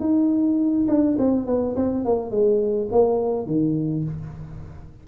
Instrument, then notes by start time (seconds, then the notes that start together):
tuba
0.00 D#4
0.88 D4
1.19 C4
1.47 B3
1.76 C4
2.05 A#3
2.31 G#3
2.91 A#3
3.46 D#3